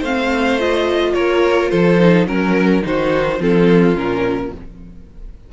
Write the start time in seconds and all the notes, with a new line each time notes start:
0.00 A3 C4 C5 F5
0.59 F4 D#5
1.14 A#3 A#4 C#5
1.70 F3 A4 C5
2.00 D#4
2.27 F#3 C#4 A#4
2.83 D#3 D#4 F#4 C5
3.39 F3 C4 F4 A4
3.95 A#2 C#4 A#4